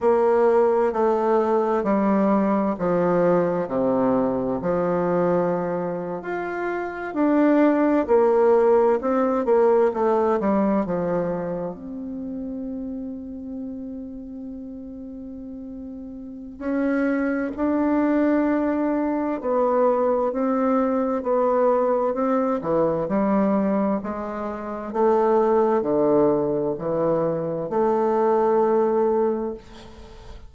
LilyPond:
\new Staff \with { instrumentName = "bassoon" } { \time 4/4 \tempo 4 = 65 ais4 a4 g4 f4 | c4 f4.~ f16 f'4 d'16~ | d'8. ais4 c'8 ais8 a8 g8 f16~ | f8. c'2.~ c'16~ |
c'2 cis'4 d'4~ | d'4 b4 c'4 b4 | c'8 e8 g4 gis4 a4 | d4 e4 a2 | }